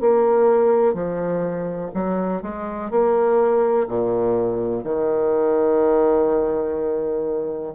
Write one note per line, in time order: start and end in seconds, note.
0.00 0.94 A#3
0.94 1.90 F3
1.94 2.42 F#3
2.42 2.90 G#3
2.90 3.87 A#3
3.88 4.84 A#2
4.84 7.74 D#3